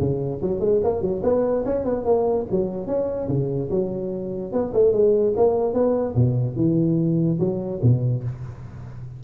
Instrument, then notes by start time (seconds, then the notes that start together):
tuba
0.00 C#3
0.41 F#3
0.60 G#3
0.84 A#3
1.01 F#3
1.23 B3
1.65 C#4
1.84 B3
2.05 A#3
2.51 F#3
2.87 C#4
3.28 C#3
3.70 F#3
4.52 B3
4.74 A3
4.92 G#3
5.36 A#3
5.73 B3
6.15 B2
6.56 E3
7.39 F#3
7.82 B2